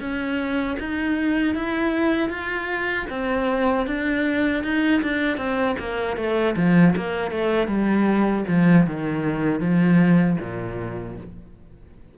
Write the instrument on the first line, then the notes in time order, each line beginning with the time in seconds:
cello
0.00 C#4
0.79 D#4
1.55 E4
2.29 F4
3.10 C4
3.86 D4
4.63 D#4
5.02 D4
5.37 C4
5.79 A#3
6.17 A3
6.56 F3
6.96 A#3
7.31 A3
7.67 G3
8.48 F3
8.86 D#3
9.60 F3
10.40 A#2